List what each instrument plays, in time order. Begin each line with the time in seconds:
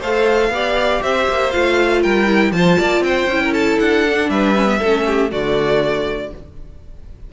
0.00 cello A3, viola A4, violin C5 F5
0.50 cello B3, viola G4, violin D5
1.03 cello C4, violin C5 E5
1.29 cello A#3
1.52 cello A3, viola F4, violin F5
2.02 cello G3, violin A#4 G5
2.27 viola E4
2.52 cello F3, viola F4, violin C5 A5
2.79 cello A#3, violin D5
3.01 cello C4, violin C5 G5
3.27 cello C#4, viola E4
3.44 violin A#4
3.53 violin A4 A5
3.80 cello D4, violin F#5
4.10 viola D4
4.30 cello G3, violin B4 E5
4.57 viola C#4
4.66 viola B3
4.79 cello A3, violin A4
4.85 viola C#4
5.07 violin G4
5.30 cello D3, viola A3, violin F#4 D5